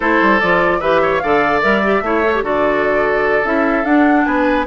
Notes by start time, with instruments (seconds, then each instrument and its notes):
0.00 bassoon A3, clarinet E4, oboe A4, flute C5
0.21 bassoon G3
0.39 bassoon F3, clarinet F4, flute D5
0.80 bassoon E3, clarinet G4, oboe B4, flute E5
1.02 oboe C#5
1.19 bassoon D3, clarinet A4, oboe D5, flute F5
1.61 bassoon G3, clarinet A#4, flute E5
1.83 clarinet G4
2.01 bassoon A3, clarinet E4, oboe C#5
2.24 clarinet A4
2.35 clarinet G4
2.42 bassoon D3, clarinet F#4, oboe A4, flute D5
3.44 bassoon C#4, clarinet E4, flute E5
3.83 bassoon D4, clarinet D4, flute F#5
4.25 bassoon B3, oboe B4, flute G#5